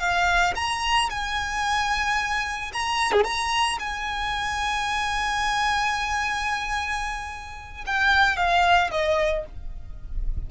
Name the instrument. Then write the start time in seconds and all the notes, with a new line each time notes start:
violin
0.00 F5
0.56 A#5
1.10 G#5
2.73 A#5
3.13 G#4
3.24 A#5
3.80 G#5
7.87 G5
8.37 F5
8.91 D#5